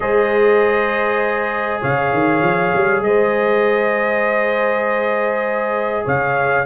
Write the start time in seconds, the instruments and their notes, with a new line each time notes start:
0.00 tuba G#3, trombone G#4, horn C5, trumpet D#5
1.81 tuba C#3, horn C#5, trumpet F5
2.12 tuba D#3
2.42 tuba F3
2.75 tuba G3
3.01 tuba G#3, horn C5, trumpet D#5
6.04 tuba C#3, horn C#5, trumpet F5